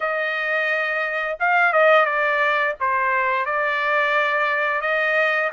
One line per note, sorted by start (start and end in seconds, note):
0.00 1.38 D#5
1.39 1.72 F5
1.72 2.05 D#5
2.05 2.74 D5
2.79 3.45 C5
3.45 4.81 D5
4.81 5.50 D#5